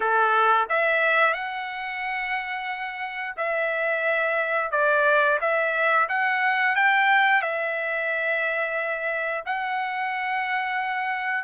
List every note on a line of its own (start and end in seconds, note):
0.00 0.67 A4
0.69 1.33 E5
1.33 3.35 F#5
3.36 4.71 E5
4.71 5.38 D5
5.40 6.08 E5
6.08 6.75 F#5
6.75 7.42 G5
7.42 9.44 E5
9.45 11.44 F#5